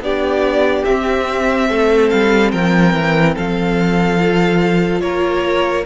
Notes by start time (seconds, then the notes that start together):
0.00 B3 D4 G4 D5
0.85 C4 E5
1.69 A3 A4
2.10 G3 F5
2.52 F3 A#4 G5
2.94 E3
3.35 F3 A4 F5
4.19 F4
5.01 A#3 A#4 C#5